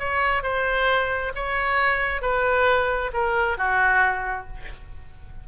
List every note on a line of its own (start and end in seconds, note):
0.00 0.43 C#5
0.43 1.33 C5
1.36 2.22 C#5
2.22 3.12 B4
3.14 3.58 A#4
3.58 4.48 F#4